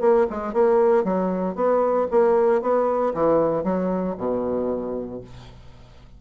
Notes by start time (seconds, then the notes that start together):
0.00 A#3
0.30 G#3
0.53 A#3
1.03 F#3
1.55 B3
2.10 A#3
2.61 B3
3.14 E3
3.63 F#3
4.17 B2